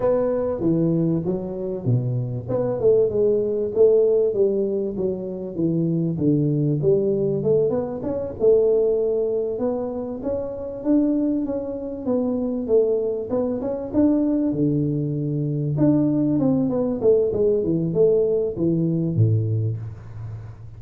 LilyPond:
\new Staff \with { instrumentName = "tuba" } { \time 4/4 \tempo 4 = 97 b4 e4 fis4 b,4 | b8 a8 gis4 a4 g4 | fis4 e4 d4 g4 | a8 b8 cis'8 a2 b8~ |
b8 cis'4 d'4 cis'4 b8~ | b8 a4 b8 cis'8 d'4 d8~ | d4. d'4 c'8 b8 a8 | gis8 e8 a4 e4 a,4 | }